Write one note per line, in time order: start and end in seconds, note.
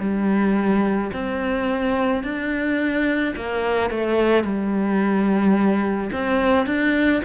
0.00 1.11 G3
1.13 2.24 C4
2.24 3.35 D4
3.37 3.90 A#3
3.90 4.44 A3
4.44 6.11 G3
6.13 6.67 C4
6.67 7.22 D4